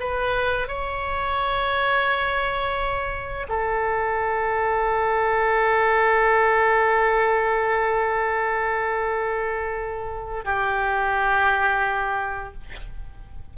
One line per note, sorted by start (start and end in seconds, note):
0.00 0.68 B4
0.68 3.47 C#5
3.49 10.45 A4
10.45 12.54 G4